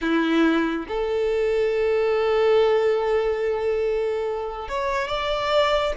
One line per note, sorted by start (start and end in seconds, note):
0.01 0.86 E4
0.87 4.68 A4
4.68 5.08 C#5
5.08 5.93 D5